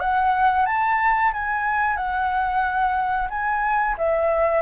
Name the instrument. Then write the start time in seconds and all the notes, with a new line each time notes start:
flute
0.00 F#5
0.66 A5
1.33 G#5
1.97 F#5
3.30 G#5
3.98 E5